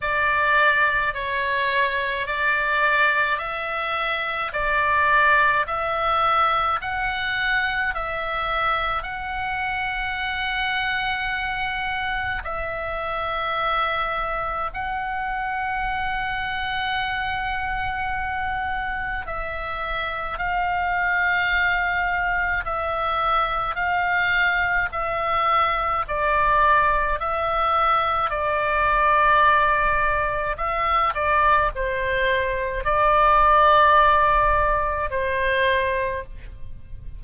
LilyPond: \new Staff \with { instrumentName = "oboe" } { \time 4/4 \tempo 4 = 53 d''4 cis''4 d''4 e''4 | d''4 e''4 fis''4 e''4 | fis''2. e''4~ | e''4 fis''2.~ |
fis''4 e''4 f''2 | e''4 f''4 e''4 d''4 | e''4 d''2 e''8 d''8 | c''4 d''2 c''4 | }